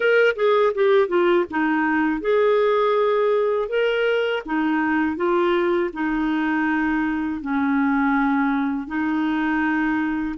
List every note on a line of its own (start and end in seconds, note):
0.00 0.35 A#4
0.35 0.72 G#4
0.74 1.08 G4
1.08 1.45 F4
1.50 2.20 D#4
2.20 3.68 G#4
3.68 4.42 A#4
4.45 5.16 D#4
5.16 5.90 F4
5.93 7.41 D#4
7.41 8.87 C#4
8.87 10.35 D#4